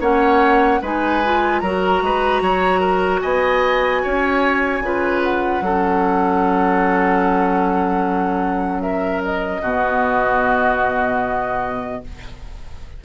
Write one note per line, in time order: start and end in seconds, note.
0.00 0.80 A#3
0.00 0.81 C#4
0.00 0.80 C#5
0.00 0.82 F#5
0.81 1.61 G#3
0.81 1.23 D#4
0.81 1.61 B4
0.81 1.59 G#5
1.24 1.64 F4
1.59 2.01 F#3
1.59 4.83 F#4
1.59 2.02 A#4
1.59 3.19 A#5
2.02 2.41 G#3
2.02 2.42 B4
2.41 3.21 F#3
2.41 2.80 C#5
2.80 3.20 A#4
3.21 4.03 B3
3.21 4.02 D#5
3.21 5.21 G#5
4.03 4.80 C#4
4.03 4.83 C#5
4.80 5.60 C#3
4.80 5.63 F4
4.80 5.64 B4
5.23 8.81 F#5
5.61 9.61 F#3
5.61 8.82 A4
5.67 9.64 C#4
8.81 9.61 A#4
8.81 9.21 E5
9.24 12.04 D#5
9.61 12.02 B2
9.61 12.04 B3
9.61 12.01 F#4